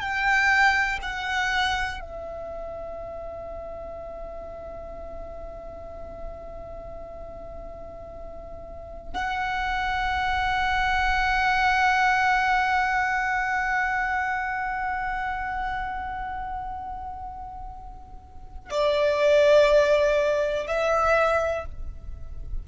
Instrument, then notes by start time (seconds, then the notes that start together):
violin
0.00 G5
1.02 F#5
2.00 E5
9.13 F#5
18.70 D5
20.66 E5